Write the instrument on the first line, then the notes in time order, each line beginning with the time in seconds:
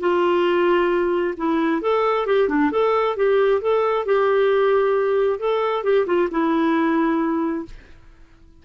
clarinet
0.00 F4
1.38 E4
1.82 A4
2.27 G4
2.49 D4
2.72 A4
3.17 G4
3.61 A4
4.06 G4
5.40 A4
5.84 G4
6.07 F4
6.31 E4